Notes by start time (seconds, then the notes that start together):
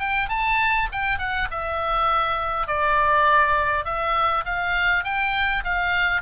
0.00 G5
0.29 A5
0.92 G5
1.19 F#5
1.51 E5
2.68 D5
3.85 E5
4.46 F5
5.04 G5
5.64 F5